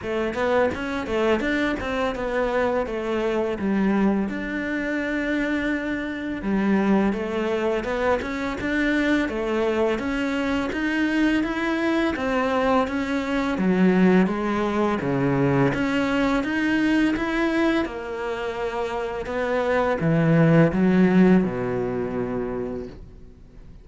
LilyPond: \new Staff \with { instrumentName = "cello" } { \time 4/4 \tempo 4 = 84 a8 b8 cis'8 a8 d'8 c'8 b4 | a4 g4 d'2~ | d'4 g4 a4 b8 cis'8 | d'4 a4 cis'4 dis'4 |
e'4 c'4 cis'4 fis4 | gis4 cis4 cis'4 dis'4 | e'4 ais2 b4 | e4 fis4 b,2 | }